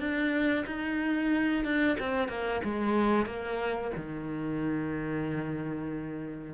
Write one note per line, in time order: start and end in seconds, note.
0.00 0.65 D4
0.67 1.65 D#4
1.65 1.97 D4
2.00 2.29 C4
2.29 2.62 A#3
2.65 3.27 G#3
3.27 3.92 A#3
3.97 6.55 D#3